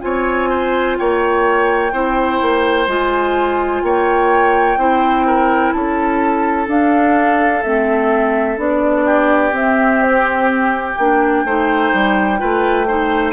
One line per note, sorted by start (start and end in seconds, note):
0.00 0.98 C4
0.00 1.90 F4
0.00 0.49 C#5
0.00 0.96 G#5
0.49 0.97 C5
0.98 1.92 A#3
0.98 1.92 C#5
0.98 2.88 G5
1.92 2.40 C4
1.92 2.88 E4
1.92 3.83 C5
2.42 2.87 A#3
2.87 3.82 G#3
2.87 4.78 F4
2.87 3.84 G#5
3.83 4.77 A#3
3.83 4.79 C#5
3.83 5.72 G5
4.77 5.72 C4
4.77 6.67 E4
4.77 5.26 C5
5.26 5.74 A#4
5.72 6.67 C#4
5.72 9.05 A4
5.72 6.67 A5
6.67 7.62 D4
6.67 7.63 D4
6.67 7.63 F5
7.63 8.58 A3
7.63 8.57 C4
7.63 8.58 E5
8.57 9.52 B3
8.57 9.52 D4
8.57 9.55 D5
9.05 11.43 G4
9.52 10.94 C4
9.52 10.95 C4
9.52 10.02 E5
10.02 10.49 C5
10.49 13.32 G5
10.98 11.44 A#3
10.98 11.47 D4
11.44 11.91 A3
11.44 12.38 D#4
11.44 12.39 C5
11.93 12.41 G3
12.38 13.32 A3
12.38 12.86 F4
12.38 12.87 B4
12.87 13.32 D#4
12.87 13.32 C5